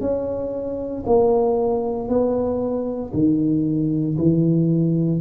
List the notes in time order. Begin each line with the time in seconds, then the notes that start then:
0.00 C#4
1.06 A#3
2.08 B3
3.13 D#3
4.17 E3